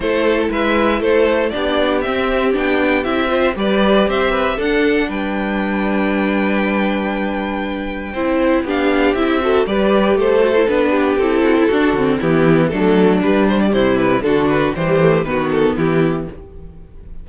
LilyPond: <<
  \new Staff \with { instrumentName = "violin" } { \time 4/4 \tempo 4 = 118 c''4 e''4 c''4 d''4 | e''4 g''4 e''4 d''4 | e''4 fis''4 g''2~ | g''1~ |
g''4 f''4 e''4 d''4 | c''4 b'4 a'2 | g'4 a'4 b'8 c''16 d''16 c''8 b'8 | a'8 b'8 c''4 b'8 a'8 g'4 | }
  \new Staff \with { instrumentName = "violin" } { \time 4/4 a'4 b'4 a'4 g'4~ | g'2~ g'8 c''8 b'4 | c''8 b'8 a'4 b'2~ | b'1 |
c''4 g'4. a'8 b'4 | a'4. g'4 fis'16 e'16 fis'4 | e'4 d'2 e'4 | fis'4 g'4 fis'4 e'4 | }
  \new Staff \with { instrumentName = "viola" } { \time 4/4 e'2. d'4 | c'4 d'4 e'8 f'8 g'4~ | g'4 d'2.~ | d'1 |
e'4 d'4 e'8 fis'8 g'4~ | g'8 fis'16 e'16 d'4 e'4 d'8 c'8 | b4 a4 g2 | d'4 g8 a8 b2 | }
  \new Staff \with { instrumentName = "cello" } { \time 4/4 a4 gis4 a4 b4 | c'4 b4 c'4 g4 | c'4 d'4 g2~ | g1 |
c'4 b4 c'4 g4 | a4 b4 c'4 d'8 d8 | e4 fis4 g4 c4 | d4 e4 dis4 e4 | }
>>